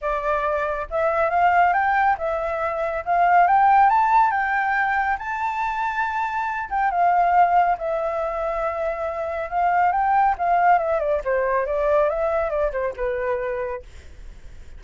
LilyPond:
\new Staff \with { instrumentName = "flute" } { \time 4/4 \tempo 4 = 139 d''2 e''4 f''4 | g''4 e''2 f''4 | g''4 a''4 g''2 | a''2.~ a''8 g''8 |
f''2 e''2~ | e''2 f''4 g''4 | f''4 e''8 d''8 c''4 d''4 | e''4 d''8 c''8 b'2 | }